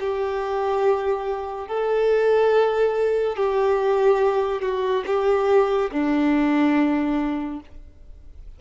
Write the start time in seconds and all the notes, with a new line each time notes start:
0.00 G4
1.67 A4
3.36 G4
4.61 F#4
5.06 G4
5.91 D4